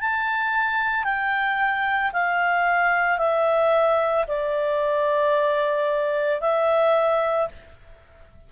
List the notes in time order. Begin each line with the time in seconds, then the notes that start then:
0.00 A5
1.03 G5
2.12 F5
3.18 E5
4.27 D5
6.40 E5